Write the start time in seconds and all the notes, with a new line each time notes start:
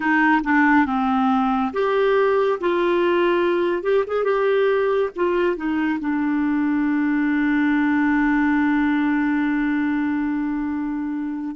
0.00 D#4
0.43 D4
0.86 C4
1.73 G4
2.60 F4
3.83 G4
4.07 G#4
4.24 G4
5.16 F4
5.56 D#4
6.00 D4